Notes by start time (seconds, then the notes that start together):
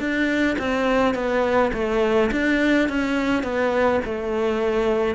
0.00 D4
0.59 C4
1.15 B3
1.74 A3
2.32 D4
2.89 C#4
3.44 B3
4.05 A3